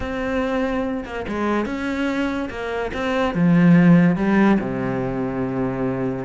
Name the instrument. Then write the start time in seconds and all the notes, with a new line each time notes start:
cello
0.00 C4
1.05 A#3
1.27 G#3
1.65 C#4
2.50 A#3
2.93 C4
3.34 F3
4.16 G3
4.59 C3